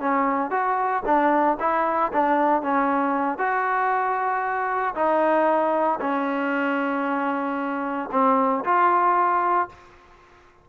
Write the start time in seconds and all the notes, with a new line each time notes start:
0.00 C#4
0.51 F#4
1.06 D4
1.60 E4
2.13 D4
2.62 C#4
3.38 F#4
4.95 D#4
6.01 C#4
8.12 C4
8.65 F4